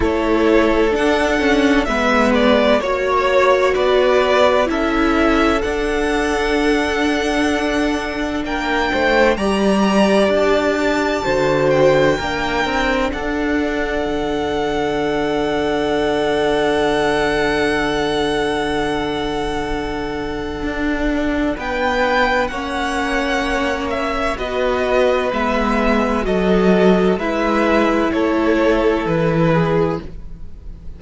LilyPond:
<<
  \new Staff \with { instrumentName = "violin" } { \time 4/4 \tempo 4 = 64 cis''4 fis''4 e''8 d''8 cis''4 | d''4 e''4 fis''2~ | fis''4 g''4 ais''4 a''4~ | a''8 g''4. fis''2~ |
fis''1~ | fis''2. g''4 | fis''4. e''8 dis''4 e''4 | dis''4 e''4 cis''4 b'4 | }
  \new Staff \with { instrumentName = "violin" } { \time 4/4 a'2 b'4 cis''4 | b'4 a'2.~ | a'4 ais'8 c''8 d''2 | c''4 ais'4 a'2~ |
a'1~ | a'2. b'4 | cis''2 b'2 | a'4 b'4 a'4. gis'8 | }
  \new Staff \with { instrumentName = "viola" } { \time 4/4 e'4 d'8 cis'8 b4 fis'4~ | fis'4 e'4 d'2~ | d'2 g'2 | fis'4 d'2.~ |
d'1~ | d'1 | cis'2 fis'4 b4 | fis'4 e'2. | }
  \new Staff \with { instrumentName = "cello" } { \time 4/4 a4 d'4 gis4 ais4 | b4 cis'4 d'2~ | d'4 ais8 a8 g4 d'4 | d4 ais8 c'8 d'4 d4~ |
d1~ | d2 d'4 b4 | ais2 b4 gis4 | fis4 gis4 a4 e4 | }
>>